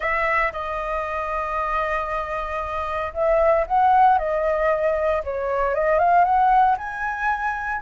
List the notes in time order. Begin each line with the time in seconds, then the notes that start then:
0.00 E5
0.52 D#5
3.13 E5
3.66 F#5
4.18 D#5
5.23 C#5
5.74 D#5
5.98 F5
6.24 F#5
6.77 G#5